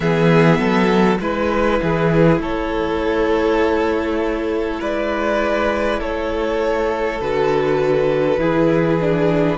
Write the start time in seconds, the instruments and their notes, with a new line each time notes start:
0.00 cello E3, viola B3, violin G#4 E5
0.58 cello F#3, violin A4
1.20 cello G#3, viola E4, violin B4
1.82 cello E3, violin G#4
2.39 cello A3, violin A4 C#5
4.80 cello G#3, violin B4 D5
6.00 cello A3, violin A4 C#5
7.21 cello D3, viola F#4, violin B4
8.38 cello E3, viola E4, violin G#4
9.01 viola D4